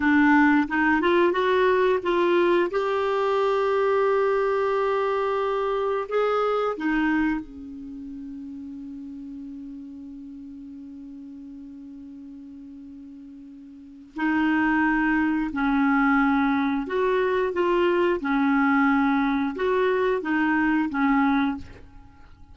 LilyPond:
\new Staff \with { instrumentName = "clarinet" } { \time 4/4 \tempo 4 = 89 d'4 dis'8 f'8 fis'4 f'4 | g'1~ | g'4 gis'4 dis'4 cis'4~ | cis'1~ |
cis'1~ | cis'4 dis'2 cis'4~ | cis'4 fis'4 f'4 cis'4~ | cis'4 fis'4 dis'4 cis'4 | }